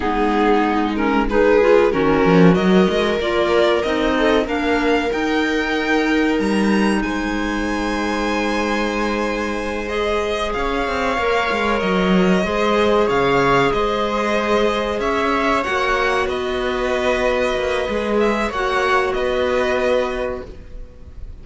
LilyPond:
<<
  \new Staff \with { instrumentName = "violin" } { \time 4/4 \tempo 4 = 94 gis'4. ais'8 b'4 ais'4 | dis''4 d''4 dis''4 f''4 | g''2 ais''4 gis''4~ | gis''2.~ gis''8 dis''8~ |
dis''8 f''2 dis''4.~ | dis''8 f''4 dis''2 e''8~ | e''8 fis''4 dis''2~ dis''8~ | dis''8 e''8 fis''4 dis''2 | }
  \new Staff \with { instrumentName = "viola" } { \time 4/4 dis'2 gis'4 cis'4 | ais'2~ ais'8 a'8 ais'4~ | ais'2. c''4~ | c''1~ |
c''8 cis''2. c''8~ | c''8 cis''4 c''2 cis''8~ | cis''4. b'2~ b'8~ | b'4 cis''4 b'2 | }
  \new Staff \with { instrumentName = "clarinet" } { \time 4/4 b4. cis'8 dis'8 f'8 fis'4~ | fis'4 f'4 dis'4 d'4 | dis'1~ | dis'2.~ dis'8 gis'8~ |
gis'4. ais'2 gis'8~ | gis'1~ | gis'8 fis'2.~ fis'8 | gis'4 fis'2. | }
  \new Staff \with { instrumentName = "cello" } { \time 4/4 gis2. dis8 f8 | fis8 gis8 ais4 c'4 ais4 | dis'2 g4 gis4~ | gis1~ |
gis8 cis'8 c'8 ais8 gis8 fis4 gis8~ | gis8 cis4 gis2 cis'8~ | cis'8 ais4 b2 ais8 | gis4 ais4 b2 | }
>>